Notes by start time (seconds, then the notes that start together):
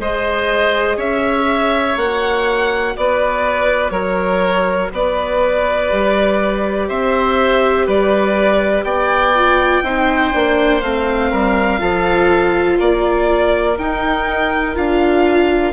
0.00 G#3 G#4 C5 D#5
0.97 C#4 C#5 E5
1.97 A#3 F#4 F#5
2.97 B3 B4 D5
3.91 F#3 A#4 C#5
4.92 B3 B4 D5
5.90 G3 G4
6.89 C4 C5 E5
7.86 G3 B4 D5
8.84 B3 D5 G5
9.35 F4
9.83 C4 D#4 C5
10.34 A#3 D4
10.81 A3 C4 F5
11.31 G3 A#4
11.79 F3 F4 A4
12.79 A#3 A#4 D5
13.78 D#4 G5
14.75 D4 F4 F5